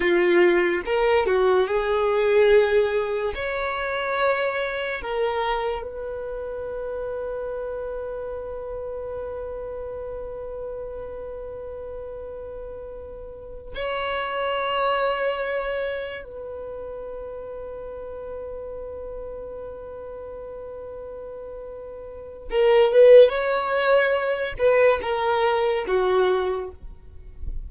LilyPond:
\new Staff \with { instrumentName = "violin" } { \time 4/4 \tempo 4 = 72 f'4 ais'8 fis'8 gis'2 | cis''2 ais'4 b'4~ | b'1~ | b'1~ |
b'8 cis''2. b'8~ | b'1~ | b'2. ais'8 b'8 | cis''4. b'8 ais'4 fis'4 | }